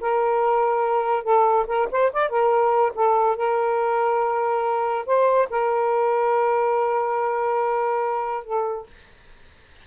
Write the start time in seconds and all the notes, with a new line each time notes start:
0.00 A#4
1.23 A4
1.67 A#4
1.91 C5
2.12 D5
2.29 A#4
2.94 A4
3.36 A#4
5.06 C5
5.50 A#4
8.44 A4